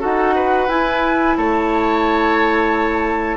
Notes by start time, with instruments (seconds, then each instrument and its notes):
0.00 bassoon D#4, clarinet F#4, oboe A4, flute F#5
0.35 oboe B4
0.68 bassoon E4, clarinet E4, flute G#5
1.37 bassoon A3, oboe C#5, flute A5